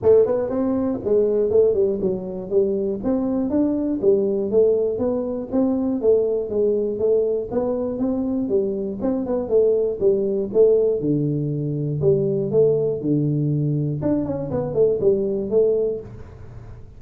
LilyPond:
\new Staff \with { instrumentName = "tuba" } { \time 4/4 \tempo 4 = 120 a8 b8 c'4 gis4 a8 g8 | fis4 g4 c'4 d'4 | g4 a4 b4 c'4 | a4 gis4 a4 b4 |
c'4 g4 c'8 b8 a4 | g4 a4 d2 | g4 a4 d2 | d'8 cis'8 b8 a8 g4 a4 | }